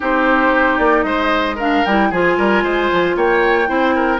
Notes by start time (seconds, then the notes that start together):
0.00 C4 D#4 G4 C5
0.77 A#3 D5
1.03 G#3 C5 D#5
1.55 D4 A#4 F5
1.85 G3 E4 G5
2.10 F3 F4 G#4 G#5
2.37 G3 A#4
2.63 G#3 C5
2.92 F3
3.16 A#3 C#5 G5
3.66 C4 E4 C5
3.95 A#4